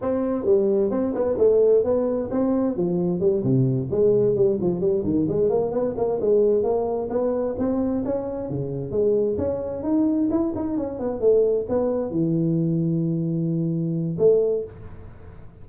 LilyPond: \new Staff \with { instrumentName = "tuba" } { \time 4/4 \tempo 4 = 131 c'4 g4 c'8 b8 a4 | b4 c'4 f4 g8 c8~ | c8 gis4 g8 f8 g8 dis8 gis8 | ais8 b8 ais8 gis4 ais4 b8~ |
b8 c'4 cis'4 cis4 gis8~ | gis8 cis'4 dis'4 e'8 dis'8 cis'8 | b8 a4 b4 e4.~ | e2. a4 | }